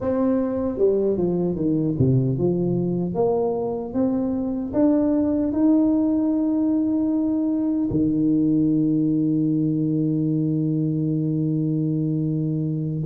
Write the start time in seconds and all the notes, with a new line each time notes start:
0.00 C4
0.78 G3
1.17 F3
1.55 D#3
1.98 C3
2.38 F3
3.14 A#3
3.93 C4
4.73 D4
5.52 D#4
7.90 D#3